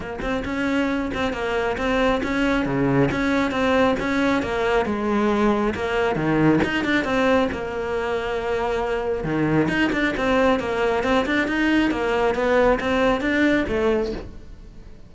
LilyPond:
\new Staff \with { instrumentName = "cello" } { \time 4/4 \tempo 4 = 136 ais8 c'8 cis'4. c'8 ais4 | c'4 cis'4 cis4 cis'4 | c'4 cis'4 ais4 gis4~ | gis4 ais4 dis4 dis'8 d'8 |
c'4 ais2.~ | ais4 dis4 dis'8 d'8 c'4 | ais4 c'8 d'8 dis'4 ais4 | b4 c'4 d'4 a4 | }